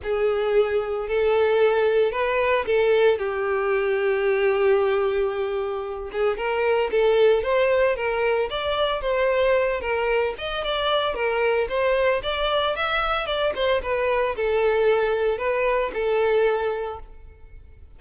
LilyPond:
\new Staff \with { instrumentName = "violin" } { \time 4/4 \tempo 4 = 113 gis'2 a'2 | b'4 a'4 g'2~ | g'2.~ g'8 gis'8 | ais'4 a'4 c''4 ais'4 |
d''4 c''4. ais'4 dis''8 | d''4 ais'4 c''4 d''4 | e''4 d''8 c''8 b'4 a'4~ | a'4 b'4 a'2 | }